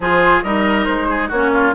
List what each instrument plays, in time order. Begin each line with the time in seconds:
0.00 bassoon F3, clarinet F4, oboe G#4, flute C5
0.42 bassoon G3, clarinet D#4, oboe A#4, flute D#5
0.84 bassoon G#3, flute C5
1.09 oboe G#4
1.28 bassoon A#3, clarinet C#4, oboe F#4, flute C#5
1.53 oboe F4